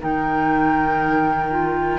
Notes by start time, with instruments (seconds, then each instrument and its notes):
0.00 cello D#3, clarinet D#4, oboe A#4, flute G5
1.50 clarinet F4